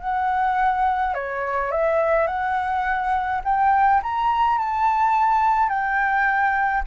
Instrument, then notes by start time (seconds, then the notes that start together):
flute
0.00 F#5
1.14 C#5
1.71 E5
2.27 F#5
3.44 G5
4.02 A#5
4.58 A5
5.69 G5